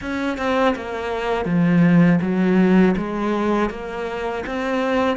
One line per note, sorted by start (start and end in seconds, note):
0.01 0.37 C#4
0.37 0.74 C4
0.75 1.45 A#3
1.45 2.19 F3
2.21 2.95 F#3
2.96 3.69 G#3
3.69 4.43 A#3
4.46 5.16 C4